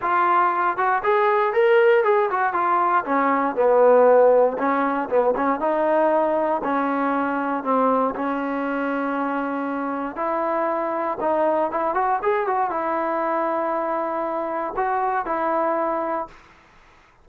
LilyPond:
\new Staff \with { instrumentName = "trombone" } { \time 4/4 \tempo 4 = 118 f'4. fis'8 gis'4 ais'4 | gis'8 fis'8 f'4 cis'4 b4~ | b4 cis'4 b8 cis'8 dis'4~ | dis'4 cis'2 c'4 |
cis'1 | e'2 dis'4 e'8 fis'8 | gis'8 fis'8 e'2.~ | e'4 fis'4 e'2 | }